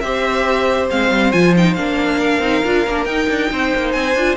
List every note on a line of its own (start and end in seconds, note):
0.00 0.89 C4
0.00 0.90 G4
0.00 2.20 C5
0.00 0.87 E5
0.90 1.11 G#3
0.90 1.34 C4
0.90 1.32 F5
1.11 1.32 G3
1.32 1.77 F3
1.32 1.55 F4
1.32 1.54 G#5
1.56 1.77 D#4
1.56 1.74 G5
1.74 2.39 A#3
1.74 2.42 D4
1.74 3.04 F5
2.20 3.50 A#4
2.39 2.61 C4
2.39 2.64 D#4
2.64 2.87 D4
2.64 2.86 F4
2.87 3.05 A#3
2.87 3.07 D4
3.05 3.27 D#4
3.05 4.16 D#4
3.05 3.92 G5
3.29 3.51 D4
3.52 3.73 C4
3.52 4.37 C5
3.76 3.94 A#3
3.92 4.15 C4
3.92 4.35 G#5
4.15 4.37 D4
4.15 4.37 F4